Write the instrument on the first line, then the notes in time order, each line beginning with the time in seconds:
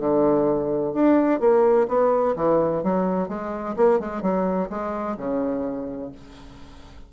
bassoon
0.00 D3
0.94 D4
1.40 A#3
1.89 B3
2.36 E3
2.84 F#3
3.29 G#3
3.77 A#3
4.00 G#3
4.23 F#3
4.70 G#3
5.18 C#3